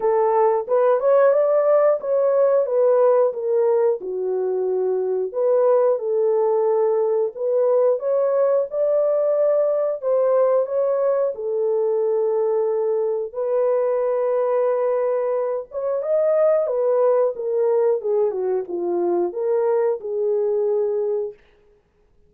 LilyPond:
\new Staff \with { instrumentName = "horn" } { \time 4/4 \tempo 4 = 90 a'4 b'8 cis''8 d''4 cis''4 | b'4 ais'4 fis'2 | b'4 a'2 b'4 | cis''4 d''2 c''4 |
cis''4 a'2. | b'2.~ b'8 cis''8 | dis''4 b'4 ais'4 gis'8 fis'8 | f'4 ais'4 gis'2 | }